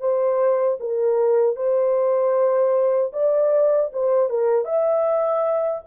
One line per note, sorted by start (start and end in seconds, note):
0.00 0.78 C5
0.80 1.56 A#4
1.56 3.12 C5
3.13 3.91 D5
3.93 4.30 C5
4.30 4.65 A#4
4.65 5.82 E5